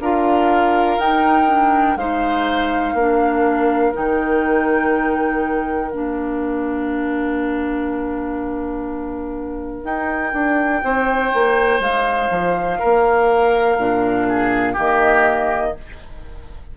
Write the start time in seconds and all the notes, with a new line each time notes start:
0.00 D4 F4 A#4 F5
0.98 D#4 G5
1.48 D4
1.96 G#3 D#4 C5 F5
2.94 A#3 D4 A#4
3.93 D#3 D#4 G5
5.91 A#3 D4 F5
9.84 D#4 G5
10.33 D4
10.83 C4 C5
11.34 A#3
11.79 G#3 F5
12.30 F3
12.79 A#3 A#4
13.78 A#2 D4
14.28 G#4
14.73 D#3 A#3 G4 D#5